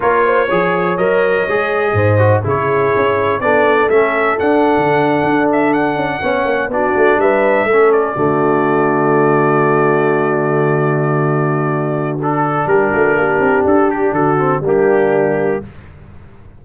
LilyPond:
<<
  \new Staff \with { instrumentName = "trumpet" } { \time 4/4 \tempo 4 = 123 cis''2 dis''2~ | dis''4 cis''2 d''4 | e''4 fis''2~ fis''16 e''8 fis''16~ | fis''4.~ fis''16 d''4 e''4~ e''16~ |
e''16 d''2.~ d''8.~ | d''1~ | d''4 a'4 ais'2 | a'8 g'8 a'4 g'2 | }
  \new Staff \with { instrumentName = "horn" } { \time 4/4 ais'8 c''8 cis''2. | c''4 gis'2 a'4~ | a'1~ | a'8. cis''4 fis'4 b'4 a'16~ |
a'8. fis'2.~ fis'16~ | fis'1~ | fis'2 g'8 fis'8 g'4~ | g'4 fis'4 d'2 | }
  \new Staff \with { instrumentName = "trombone" } { \time 4/4 f'4 gis'4 ais'4 gis'4~ | gis'8 fis'8 e'2 d'4 | cis'4 d'2.~ | d'8. cis'4 d'2 cis'16~ |
cis'8. a2.~ a16~ | a1~ | a4 d'2.~ | d'4. c'8 ais2 | }
  \new Staff \with { instrumentName = "tuba" } { \time 4/4 ais4 f4 fis4 gis4 | gis,4 cis4 cis'4 b4 | a4 d'8. d4 d'4~ d'16~ | d'16 cis'8 b8 ais8 b8 a8 g4 a16~ |
a8. d2.~ d16~ | d1~ | d2 g8 a8 ais8 c'8 | d'4 d4 g2 | }
>>